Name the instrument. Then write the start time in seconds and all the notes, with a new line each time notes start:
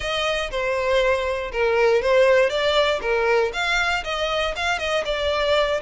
violin
0.00 D#5
0.50 C5
1.51 A#4
2.02 C5
2.49 D5
3.01 A#4
3.53 F5
4.04 D#5
4.55 F5
4.79 D#5
5.05 D5